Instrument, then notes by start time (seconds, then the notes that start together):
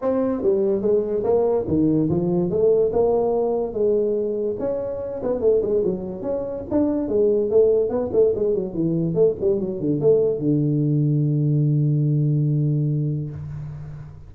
tuba
0.01 C4
0.42 G3
0.81 G#3
1.23 A#3
1.67 D#3
2.09 F3
2.50 A3
2.92 A#3
3.73 G#3
4.59 C#4
5.22 B3
5.40 A3
5.62 G#3
5.84 F#3
6.21 C#4
6.70 D4
7.08 G#3
7.50 A3
7.89 B3
8.12 A3
8.35 G#3
8.54 F#3
8.73 E3
9.14 A3
9.40 G3
9.59 F#3
9.80 D3
10.00 A3
10.39 D3